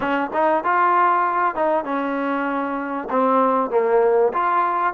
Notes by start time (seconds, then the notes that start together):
0.00 C#4
0.33 D#4
0.64 F4
1.55 D#4
1.84 C#4
3.09 C4
3.70 A#3
4.33 F4